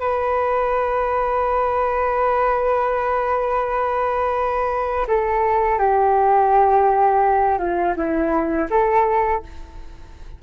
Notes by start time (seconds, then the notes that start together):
0.00 B4
5.07 A4
5.79 G4
7.59 F4
7.96 E4
8.70 A4